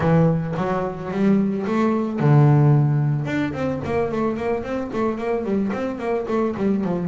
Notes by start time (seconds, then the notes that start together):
0.00 E3
0.56 F#3
1.11 G3
1.66 A3
2.19 D3
3.25 D4
3.53 C4
3.85 A#3
4.11 A3
4.36 A#3
4.63 C4
4.92 A3
5.18 A#3
5.44 G3
5.72 C4
5.98 A#3
6.28 A3
6.57 G3
6.84 F3